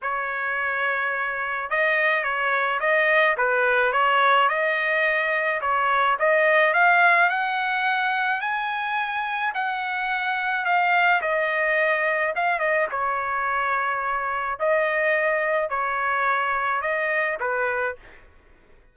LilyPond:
\new Staff \with { instrumentName = "trumpet" } { \time 4/4 \tempo 4 = 107 cis''2. dis''4 | cis''4 dis''4 b'4 cis''4 | dis''2 cis''4 dis''4 | f''4 fis''2 gis''4~ |
gis''4 fis''2 f''4 | dis''2 f''8 dis''8 cis''4~ | cis''2 dis''2 | cis''2 dis''4 b'4 | }